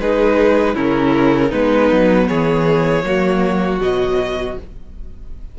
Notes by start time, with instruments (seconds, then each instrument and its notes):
0.00 cello G#3, viola D#4, violin G#4 B4
0.75 cello C#3, viola C#4, violin E4 A#4
1.50 cello G#3, viola B3, violin D#4 B4
1.92 cello F#3
2.28 cello E3, violin G#4 C#5
3.03 cello F#3, viola A#3, violin F#4
3.79 cello B2, viola F#3, violin D#5